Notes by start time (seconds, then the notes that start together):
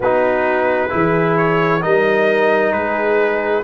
0.00 B3 D#4 F#4 B4
0.89 E3 E4 G#4
1.37 C#5
1.81 G3 D#4 A#4 D#5
2.71 G#3 G#4 B4